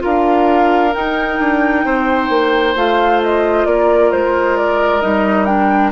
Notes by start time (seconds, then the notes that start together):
0.00 D4 F4 A#4 F5
0.94 D#4 G5
1.39 D4
1.85 C4 C5
2.29 A#3
2.75 A3 F4 F5
3.23 D#5
3.66 A#3 A#4 D5
4.12 G#3 C5
4.57 D5
5.02 G3 D#4 D#5
5.45 D4 G5